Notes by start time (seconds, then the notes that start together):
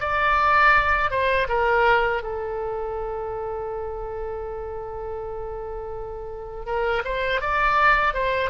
0.00 D5
1.10 C5
1.48 A#4
2.22 A4
6.65 A#4
7.04 C5
7.41 D5
8.13 C5